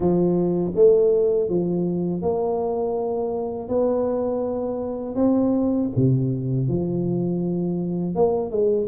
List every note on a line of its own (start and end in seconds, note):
0.00 0.72 F3
0.75 1.49 A3
1.49 2.22 F3
2.22 3.68 A#3
3.68 5.15 B3
5.15 5.89 C4
5.96 6.68 C3
6.68 8.15 F3
8.15 8.50 A#3
8.50 8.87 G#3